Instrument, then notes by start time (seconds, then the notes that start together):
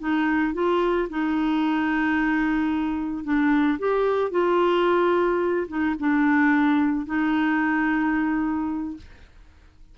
clarinet
0.00 D#4
0.54 F4
1.10 D#4
3.24 D4
3.79 G4
4.31 F4
5.68 D#4
6.00 D4
7.06 D#4